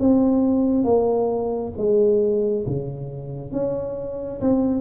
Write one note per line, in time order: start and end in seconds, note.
0.00 0.85 C4
0.85 1.73 A#3
1.78 2.66 G#3
2.67 3.53 C#3
3.53 4.41 C#4
4.41 4.81 C4